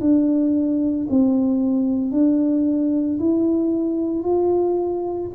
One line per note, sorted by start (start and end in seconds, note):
0.00 1.07 D4
1.10 2.11 C4
2.11 3.19 D4
3.19 4.23 E4
4.23 5.30 F4